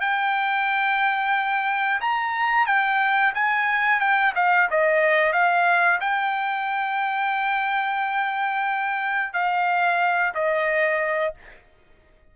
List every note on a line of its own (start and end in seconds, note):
0.00 2.00 G5
2.00 2.66 A#5
2.66 3.33 G5
3.34 3.99 G#5
3.99 4.33 G5
4.35 4.68 F5
4.70 5.32 D#5
5.32 5.99 F5
6.00 9.33 G5
9.33 10.33 F5
10.34 11.34 D#5